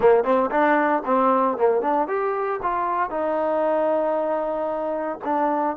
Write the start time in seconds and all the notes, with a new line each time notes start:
0.00 A#3
0.24 C4
0.50 D4
1.05 C4
1.57 A#3
1.81 D4
2.07 G4
2.62 F4
3.10 D#4
5.24 D4